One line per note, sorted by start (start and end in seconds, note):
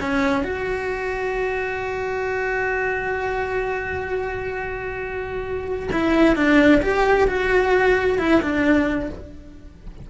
0.00 0.43 C#4
0.43 5.89 F#4
5.92 6.35 E4
6.35 6.81 D4
6.82 7.27 G4
7.27 8.18 F#4
8.18 8.41 E4
8.41 9.10 D4